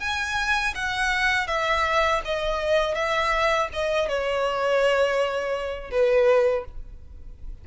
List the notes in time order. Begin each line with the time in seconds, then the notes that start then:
0.00 G#5
0.75 F#5
1.47 E5
2.25 D#5
2.95 E5
3.73 D#5
4.08 C#5
5.91 B4